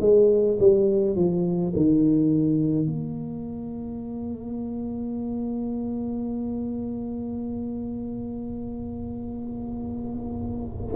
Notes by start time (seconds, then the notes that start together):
0.00 G#3
0.59 G3
1.15 F3
1.76 D#3
2.86 A#3